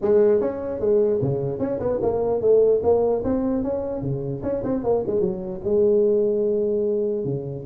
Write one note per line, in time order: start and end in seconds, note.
0.01 0.40 G#3
0.40 0.80 C#4
0.80 1.20 G#3
1.21 1.59 C#3
1.59 1.79 C#4
1.79 1.99 B3
2.02 2.41 A#3
2.41 2.81 A3
2.83 3.23 A#3
3.23 3.63 C4
3.63 4.01 C#4
4.01 4.42 C#3
4.42 4.63 C#4
4.63 4.83 C4
4.83 5.03 A#3
5.06 5.20 G#3
5.20 5.60 F#3
5.64 7.24 G#3
7.24 7.64 C#3